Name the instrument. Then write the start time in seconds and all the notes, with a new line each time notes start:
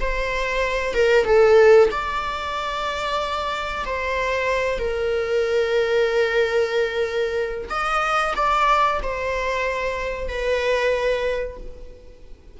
viola
0.00 C5
0.94 A#4
1.24 A4
1.91 D5
3.86 C5
4.79 A#4
7.69 D#5
8.36 D5
9.02 C5
10.28 B4